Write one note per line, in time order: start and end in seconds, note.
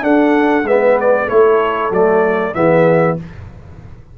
0.00 0.63 D4
0.00 0.66 A4
0.00 0.67 F#5
0.63 1.26 G#3
0.63 1.28 B3
0.63 1.25 B4
0.63 0.98 E5
1.00 1.29 D5
1.25 1.90 A3
1.25 1.91 E4
1.25 2.51 A4
1.25 1.92 C#5
1.90 2.53 F#3
1.90 2.53 A3
1.90 2.54 D5
2.53 3.17 E3
2.53 3.16 B3
2.53 3.17 G#4
2.53 3.17 E5